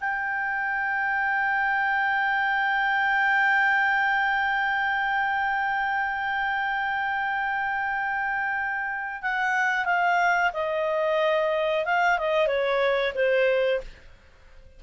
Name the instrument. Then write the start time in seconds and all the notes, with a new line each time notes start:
clarinet
0.00 G5
9.22 F#5
9.85 F5
10.53 D#5
11.85 F5
12.18 D#5
12.47 C#5
13.14 C5